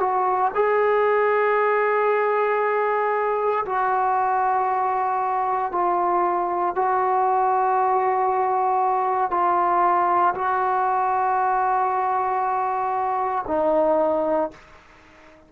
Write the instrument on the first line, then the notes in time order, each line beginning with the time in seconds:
trombone
0.00 F#4
0.55 G#4
3.66 F#4
5.72 F4
6.76 F#4
9.31 F4
10.35 F#4
13.48 D#4